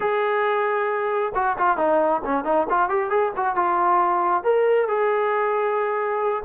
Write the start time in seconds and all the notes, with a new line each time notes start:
0.00 G#4
1.34 F#4
1.58 F4
1.77 D#4
2.24 C#4
2.44 D#4
2.69 F4
2.89 G4
3.09 G#4
3.36 F#4
3.55 F4
4.43 A#4
4.87 G#4